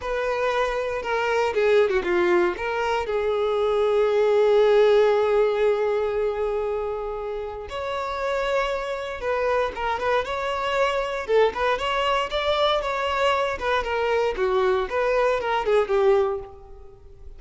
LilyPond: \new Staff \with { instrumentName = "violin" } { \time 4/4 \tempo 4 = 117 b'2 ais'4 gis'8. fis'16 | f'4 ais'4 gis'2~ | gis'1~ | gis'2. cis''4~ |
cis''2 b'4 ais'8 b'8 | cis''2 a'8 b'8 cis''4 | d''4 cis''4. b'8 ais'4 | fis'4 b'4 ais'8 gis'8 g'4 | }